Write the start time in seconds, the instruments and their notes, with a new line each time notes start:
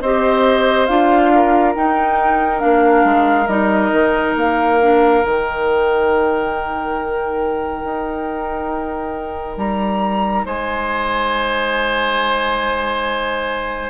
0.00 bassoon C4, clarinet G4, oboe C5, flute D#5
0.86 bassoon D4, clarinet F4, flute F5
1.35 oboe A#4
1.75 clarinet D#4, bassoon D#4, flute G5
2.58 bassoon A#3, clarinet D4, flute F5
3.04 bassoon G#3
3.47 bassoon G3, clarinet D#4, flute D#5
3.91 bassoon D#3
4.36 bassoon A#3, flute F5
4.81 clarinet D4
5.23 bassoon D#3, clarinet D#4, flute G5
7.83 bassoon D#4
9.57 bassoon G3, flute A#5
10.44 bassoon G#3, oboe C5, flute G#5